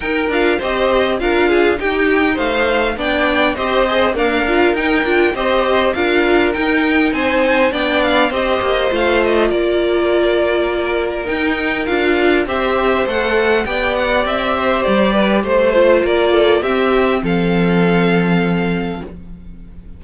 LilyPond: <<
  \new Staff \with { instrumentName = "violin" } { \time 4/4 \tempo 4 = 101 g''8 f''8 dis''4 f''4 g''4 | f''4 g''4 dis''4 f''4 | g''4 dis''4 f''4 g''4 | gis''4 g''8 f''8 dis''4 f''8 dis''8 |
d''2. g''4 | f''4 e''4 fis''4 g''8 fis''8 | e''4 d''4 c''4 d''4 | e''4 f''2. | }
  \new Staff \with { instrumentName = "violin" } { \time 4/4 ais'4 c''4 ais'8 gis'8 g'4 | c''4 d''4 c''4 ais'4~ | ais'4 c''4 ais'2 | c''4 d''4 c''2 |
ais'1~ | ais'4 c''2 d''4~ | d''8 c''4 b'8 c''4 ais'8 a'8 | g'4 a'2. | }
  \new Staff \with { instrumentName = "viola" } { \time 4/4 dis'8 f'8 g'4 f'4 dis'4~ | dis'4 d'4 g'8 gis'8 ais8 f'8 | dis'8 f'8 g'4 f'4 dis'4~ | dis'4 d'4 g'4 f'4~ |
f'2. dis'4 | f'4 g'4 a'4 g'4~ | g'2~ g'8 f'4. | c'1 | }
  \new Staff \with { instrumentName = "cello" } { \time 4/4 dis'8 d'8 c'4 d'4 dis'4 | a4 b4 c'4 d'4 | dis'8 d'8 c'4 d'4 dis'4 | c'4 b4 c'8 ais8 a4 |
ais2. dis'4 | d'4 c'4 a4 b4 | c'4 g4 a4 ais4 | c'4 f2. | }
>>